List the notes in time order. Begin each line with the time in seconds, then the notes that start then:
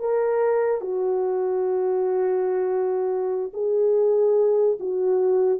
0.00 A#4
0.81 F#4
3.54 G#4
4.80 F#4